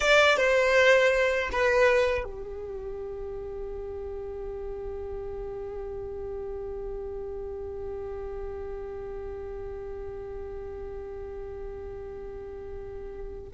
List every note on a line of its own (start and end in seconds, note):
0.00 0.36 D5
0.36 1.49 C5
1.51 2.24 B4
2.24 13.49 G4